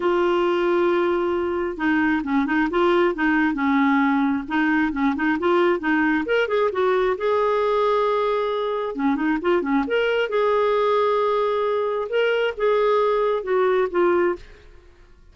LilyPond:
\new Staff \with { instrumentName = "clarinet" } { \time 4/4 \tempo 4 = 134 f'1 | dis'4 cis'8 dis'8 f'4 dis'4 | cis'2 dis'4 cis'8 dis'8 | f'4 dis'4 ais'8 gis'8 fis'4 |
gis'1 | cis'8 dis'8 f'8 cis'8 ais'4 gis'4~ | gis'2. ais'4 | gis'2 fis'4 f'4 | }